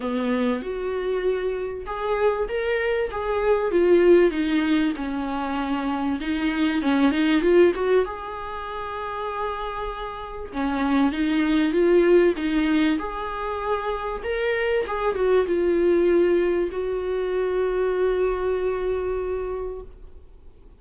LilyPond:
\new Staff \with { instrumentName = "viola" } { \time 4/4 \tempo 4 = 97 b4 fis'2 gis'4 | ais'4 gis'4 f'4 dis'4 | cis'2 dis'4 cis'8 dis'8 | f'8 fis'8 gis'2.~ |
gis'4 cis'4 dis'4 f'4 | dis'4 gis'2 ais'4 | gis'8 fis'8 f'2 fis'4~ | fis'1 | }